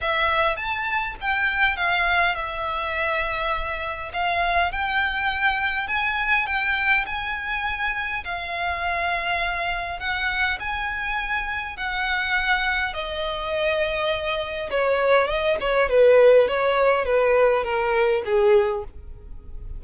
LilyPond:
\new Staff \with { instrumentName = "violin" } { \time 4/4 \tempo 4 = 102 e''4 a''4 g''4 f''4 | e''2. f''4 | g''2 gis''4 g''4 | gis''2 f''2~ |
f''4 fis''4 gis''2 | fis''2 dis''2~ | dis''4 cis''4 dis''8 cis''8 b'4 | cis''4 b'4 ais'4 gis'4 | }